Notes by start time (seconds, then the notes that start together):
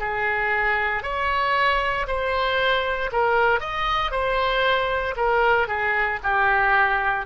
0.00 G#4
1.03 C#5
2.08 C5
3.13 A#4
3.61 D#5
4.12 C5
5.17 A#4
5.68 G#4
6.24 G4